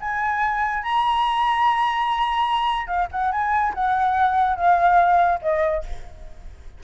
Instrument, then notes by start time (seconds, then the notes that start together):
flute
0.00 G#5
0.83 A#5
2.87 F5
3.11 F#5
3.32 G#5
3.74 F#5
4.56 F5
5.42 D#5